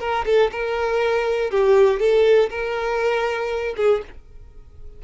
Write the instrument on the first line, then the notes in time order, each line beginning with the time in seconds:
violin
0.00 A#4
0.26 A4
0.52 A#4
1.51 G4
2.00 A4
2.50 A#4
3.77 G#4